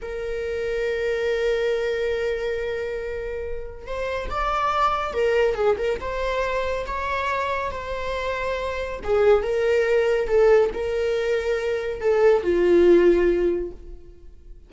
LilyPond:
\new Staff \with { instrumentName = "viola" } { \time 4/4 \tempo 4 = 140 ais'1~ | ais'1~ | ais'4 c''4 d''2 | ais'4 gis'8 ais'8 c''2 |
cis''2 c''2~ | c''4 gis'4 ais'2 | a'4 ais'2. | a'4 f'2. | }